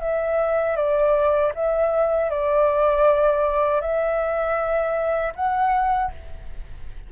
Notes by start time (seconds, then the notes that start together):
0.00 E5
0.76 D5
1.54 E5
2.30 D5
3.81 E5
5.35 F#5